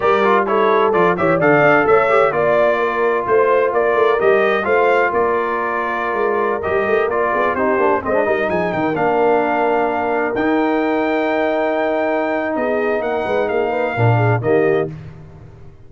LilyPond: <<
  \new Staff \with { instrumentName = "trumpet" } { \time 4/4 \tempo 4 = 129 d''4 cis''4 d''8 e''8 f''4 | e''4 d''2 c''4 | d''4 dis''4 f''4 d''4~ | d''2~ d''16 dis''4 d''8.~ |
d''16 c''4 dis''4 gis''8 g''8 f''8.~ | f''2~ f''16 g''4.~ g''16~ | g''2. dis''4 | fis''4 f''2 dis''4 | }
  \new Staff \with { instrumentName = "horn" } { \time 4/4 ais'4 a'4. cis''8 d''4 | cis''4 d''4 ais'4 c''4 | ais'2 c''4 ais'4~ | ais'2.~ ais'8. gis'16~ |
gis'16 g'4 c''8 ais'8 gis'8 ais'4~ ais'16~ | ais'1~ | ais'2. gis'4 | ais'8 b'8 gis'8 b'8 ais'8 gis'8 g'4 | }
  \new Staff \with { instrumentName = "trombone" } { \time 4/4 g'8 f'8 e'4 f'8 g'8 a'4~ | a'8 g'8 f'2.~ | f'4 g'4 f'2~ | f'2~ f'16 g'4 f'8.~ |
f'16 dis'8 d'8 c'16 d'16 dis'4. d'8.~ | d'2~ d'16 dis'4.~ dis'16~ | dis'1~ | dis'2 d'4 ais4 | }
  \new Staff \with { instrumentName = "tuba" } { \time 4/4 g2 f8 e8 d8 d'8 | a4 ais2 a4 | ais8 a8 g4 a4 ais4~ | ais4~ ais16 gis4 g8 a8 ais8 b16~ |
b16 c'8 ais8 gis8 g8 f8 dis8 ais8.~ | ais2~ ais16 dis'4.~ dis'16~ | dis'2. b4 | ais8 gis8 ais4 ais,4 dis4 | }
>>